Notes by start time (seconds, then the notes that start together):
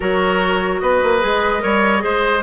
0.00 F#3 F#4 A#4 C#5
0.79 B3 B4 D#5
1.03 A#3
1.20 G#3 G#4
1.60 G3 A#4 C#5
1.99 G#3 G#4 C5